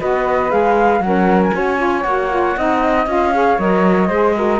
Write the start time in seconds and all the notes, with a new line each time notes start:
0.00 B3 F#4 B4 D#5
0.50 G#3 G#4 F5
1.00 F#3 C#4 A#4 F#5
1.43 G#5
1.54 C#4 F#4 C#5
1.78 F4
2.02 A#3 F#4 F#5
2.31 F4
2.57 C4 D#4 D#5
3.07 C#4 F4 F5
3.34 G#4 C#5
3.59 F#3 A#4 D#5
4.09 G#3 G#4 C5
4.36 F#4 A#4